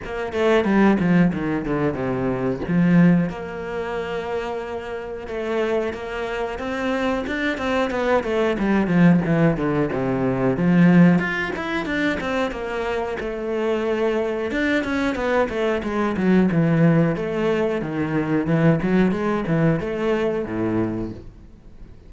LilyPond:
\new Staff \with { instrumentName = "cello" } { \time 4/4 \tempo 4 = 91 ais8 a8 g8 f8 dis8 d8 c4 | f4 ais2. | a4 ais4 c'4 d'8 c'8 | b8 a8 g8 f8 e8 d8 c4 |
f4 f'8 e'8 d'8 c'8 ais4 | a2 d'8 cis'8 b8 a8 | gis8 fis8 e4 a4 dis4 | e8 fis8 gis8 e8 a4 a,4 | }